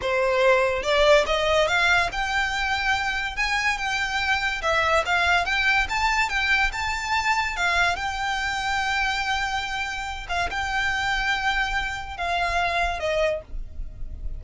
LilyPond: \new Staff \with { instrumentName = "violin" } { \time 4/4 \tempo 4 = 143 c''2 d''4 dis''4 | f''4 g''2. | gis''4 g''2 e''4 | f''4 g''4 a''4 g''4 |
a''2 f''4 g''4~ | g''1~ | g''8 f''8 g''2.~ | g''4 f''2 dis''4 | }